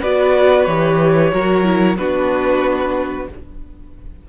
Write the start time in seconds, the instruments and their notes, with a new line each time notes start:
0.00 cello B3, viola F#4, violin B4 D5
0.65 cello E3, viola G4, violin C#5
1.32 cello F#3, viola F#4, violin A#4
1.63 viola E4
1.97 cello B3, viola D4, violin F#4 B4